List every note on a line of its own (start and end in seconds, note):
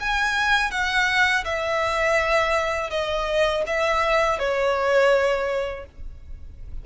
0.00 0.71 G#5
0.71 1.44 F#5
1.45 2.90 E5
2.90 3.64 D#5
3.67 4.39 E5
4.39 5.85 C#5